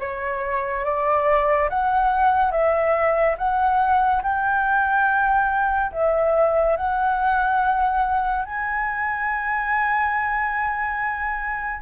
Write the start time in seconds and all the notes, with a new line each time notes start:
0.00 C#5
0.85 D5
1.70 F#5
2.51 E5
3.38 F#5
4.23 G5
5.92 E5
6.77 F#5
8.45 G#5